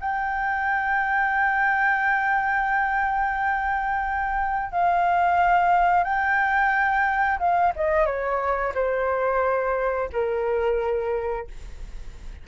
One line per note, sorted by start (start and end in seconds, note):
0.00 4.72 G5
4.72 6.04 F5
6.04 7.39 G5
7.39 7.73 F5
7.76 8.06 D#5
8.06 8.73 C#5
8.75 10.09 C5
10.12 11.47 A#4